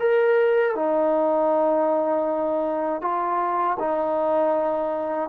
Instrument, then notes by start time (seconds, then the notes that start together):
trombone
0.00 A#4
0.75 D#4
3.01 F4
3.79 D#4